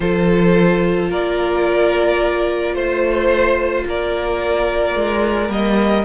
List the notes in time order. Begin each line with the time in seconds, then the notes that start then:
0.00 F3 F4 A4 C5
1.09 A#3 A#4 D5
2.74 A3 C5
3.85 A#3 A#4 D5
4.95 G#3
5.48 G3 A#3 D#5